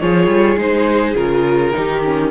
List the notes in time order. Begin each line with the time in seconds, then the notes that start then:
0.00 F3 F4 G#4 C#5
0.26 G3
0.57 G#3 D#4 C5
1.14 C#3 F4 A#4
1.73 D#3 D#4 G4
2.04 C#4